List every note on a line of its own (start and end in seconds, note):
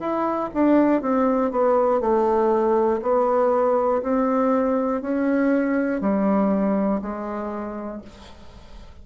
0.00 0.50 E4
0.54 1.02 D4
1.02 1.51 C4
1.51 2.01 B3
2.01 3.01 A3
3.03 4.03 B3
4.03 5.02 C4
5.02 6.01 C#4
6.01 7.01 G3
7.02 8.02 G#3